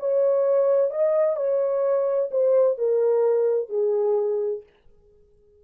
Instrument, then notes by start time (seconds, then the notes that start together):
horn
0.00 C#5
0.91 D#5
1.36 C#5
2.31 C5
2.78 A#4
3.69 G#4